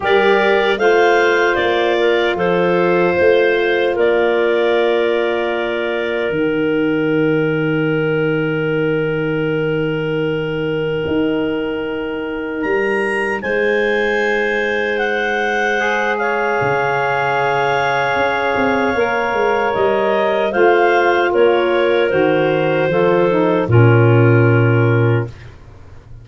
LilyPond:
<<
  \new Staff \with { instrumentName = "clarinet" } { \time 4/4 \tempo 4 = 76 d''4 f''4 d''4 c''4~ | c''4 d''2. | g''1~ | g''1 |
ais''4 gis''2 fis''4~ | fis''8 f''2.~ f''8~ | f''4 dis''4 f''4 cis''4 | c''2 ais'2 | }
  \new Staff \with { instrumentName = "clarinet" } { \time 4/4 ais'4 c''4. ais'8 a'4 | c''4 ais'2.~ | ais'1~ | ais'1~ |
ais'4 c''2.~ | c''8 cis''2.~ cis''8~ | cis''2 c''4 ais'4~ | ais'4 a'4 f'2 | }
  \new Staff \with { instrumentName = "saxophone" } { \time 4/4 g'4 f'2.~ | f'1 | dis'1~ | dis'1~ |
dis'1 | gis'1 | ais'2 f'2 | fis'4 f'8 dis'8 cis'2 | }
  \new Staff \with { instrumentName = "tuba" } { \time 4/4 g4 a4 ais4 f4 | a4 ais2. | dis1~ | dis2 dis'2 |
g4 gis2.~ | gis4 cis2 cis'8 c'8 | ais8 gis8 g4 a4 ais4 | dis4 f4 ais,2 | }
>>